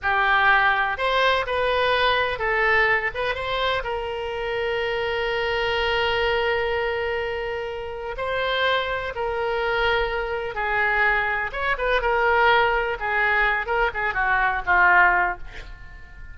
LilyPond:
\new Staff \with { instrumentName = "oboe" } { \time 4/4 \tempo 4 = 125 g'2 c''4 b'4~ | b'4 a'4. b'8 c''4 | ais'1~ | ais'1~ |
ais'4 c''2 ais'4~ | ais'2 gis'2 | cis''8 b'8 ais'2 gis'4~ | gis'8 ais'8 gis'8 fis'4 f'4. | }